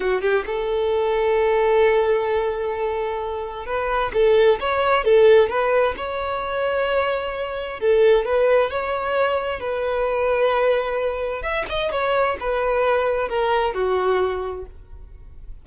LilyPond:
\new Staff \with { instrumentName = "violin" } { \time 4/4 \tempo 4 = 131 fis'8 g'8 a'2.~ | a'1 | b'4 a'4 cis''4 a'4 | b'4 cis''2.~ |
cis''4 a'4 b'4 cis''4~ | cis''4 b'2.~ | b'4 e''8 dis''8 cis''4 b'4~ | b'4 ais'4 fis'2 | }